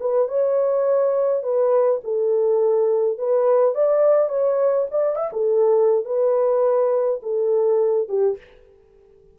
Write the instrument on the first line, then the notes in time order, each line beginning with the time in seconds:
horn
0.00 B4
0.28 C#5
1.43 B4
2.03 A4
3.18 B4
3.74 D5
4.29 C#5
4.91 D5
5.16 E5
5.32 A4
6.05 B4
7.22 A4
8.08 G4